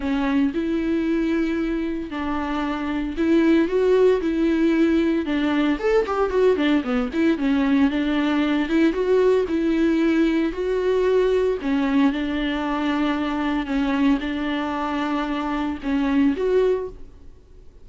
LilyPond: \new Staff \with { instrumentName = "viola" } { \time 4/4 \tempo 4 = 114 cis'4 e'2. | d'2 e'4 fis'4 | e'2 d'4 a'8 g'8 | fis'8 d'8 b8 e'8 cis'4 d'4~ |
d'8 e'8 fis'4 e'2 | fis'2 cis'4 d'4~ | d'2 cis'4 d'4~ | d'2 cis'4 fis'4 | }